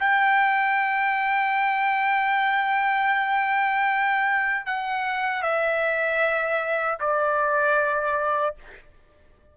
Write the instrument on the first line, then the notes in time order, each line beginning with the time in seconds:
trumpet
0.00 G5
4.66 F#5
5.43 E5
7.01 D5